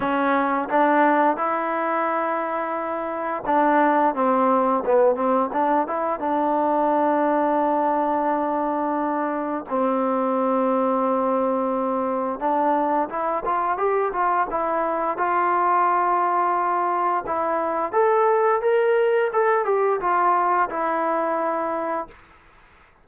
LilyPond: \new Staff \with { instrumentName = "trombone" } { \time 4/4 \tempo 4 = 87 cis'4 d'4 e'2~ | e'4 d'4 c'4 b8 c'8 | d'8 e'8 d'2.~ | d'2 c'2~ |
c'2 d'4 e'8 f'8 | g'8 f'8 e'4 f'2~ | f'4 e'4 a'4 ais'4 | a'8 g'8 f'4 e'2 | }